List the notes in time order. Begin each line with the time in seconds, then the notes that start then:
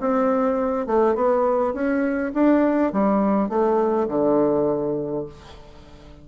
0.00 C4
0.86 A3
1.15 B3
1.74 C#4
2.33 D4
2.92 G3
3.49 A3
4.08 D3